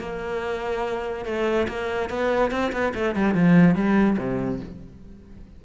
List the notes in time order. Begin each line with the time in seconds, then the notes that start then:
0.00 A#3
1.25 A3
1.68 A#3
2.10 B3
2.51 C4
2.73 B3
2.94 A3
3.15 G3
3.35 F3
3.75 G3
4.18 C3